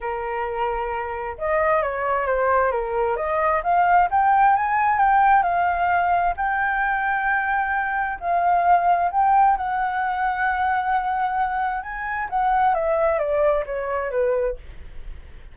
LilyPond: \new Staff \with { instrumentName = "flute" } { \time 4/4 \tempo 4 = 132 ais'2. dis''4 | cis''4 c''4 ais'4 dis''4 | f''4 g''4 gis''4 g''4 | f''2 g''2~ |
g''2 f''2 | g''4 fis''2.~ | fis''2 gis''4 fis''4 | e''4 d''4 cis''4 b'4 | }